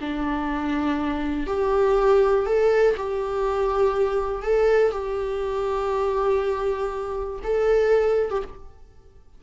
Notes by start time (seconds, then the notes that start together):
0.00 D4
1.47 G4
2.46 A4
2.97 G4
4.42 A4
4.92 G4
7.43 A4
8.30 G4